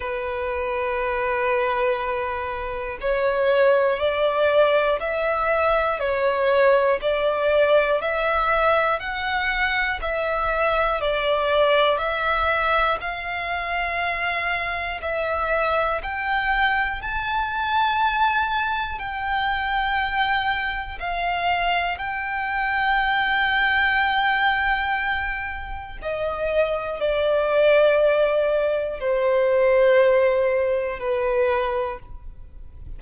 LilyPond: \new Staff \with { instrumentName = "violin" } { \time 4/4 \tempo 4 = 60 b'2. cis''4 | d''4 e''4 cis''4 d''4 | e''4 fis''4 e''4 d''4 | e''4 f''2 e''4 |
g''4 a''2 g''4~ | g''4 f''4 g''2~ | g''2 dis''4 d''4~ | d''4 c''2 b'4 | }